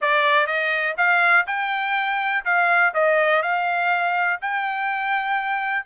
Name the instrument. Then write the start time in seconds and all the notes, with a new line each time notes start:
trumpet
0.01 D5
0.46 D#5
0.97 F5
1.47 G5
2.44 F5
2.94 D#5
3.42 F5
4.41 G5